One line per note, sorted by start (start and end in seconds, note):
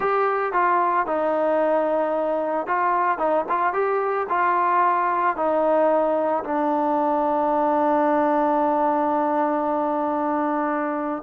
0.00 0.53 G4
0.53 1.06 F4
1.06 2.66 D#4
2.66 3.18 F4
3.18 3.45 D#4
3.48 3.73 F4
3.73 4.26 G4
4.29 5.36 F4
5.36 6.43 D#4
6.44 11.23 D4